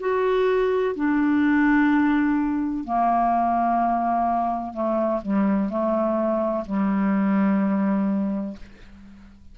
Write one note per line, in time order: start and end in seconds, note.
0.00 0.95 F#4
0.96 2.85 D4
2.85 4.74 A#3
4.74 5.21 A3
5.22 5.70 G3
5.70 6.65 A3
6.66 8.57 G3